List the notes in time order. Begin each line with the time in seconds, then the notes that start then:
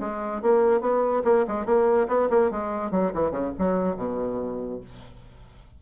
0.00 G#3
0.42 A#3
0.80 B3
1.24 A#3
1.47 G#3
1.65 A#3
2.08 B3
2.30 A#3
2.51 G#3
2.91 F#3
3.14 E3
3.31 C#3
3.58 F#3
3.96 B2